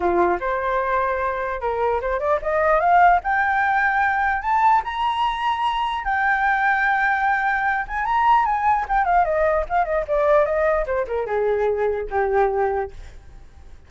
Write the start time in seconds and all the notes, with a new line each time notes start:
0.00 F4
0.40 C5
1.60 A#4
2.01 C5
2.19 D5
2.42 D#5
2.79 F5
3.23 G5
4.41 A5
4.84 A#5
6.04 G5
7.87 G#5
8.05 A#5
8.45 G#5
8.88 G5
9.04 F5
9.24 D#5
9.69 F5
9.84 D#5
10.07 D5
10.45 D#5
10.86 C5
11.07 A#4
11.26 G#4
12.10 G4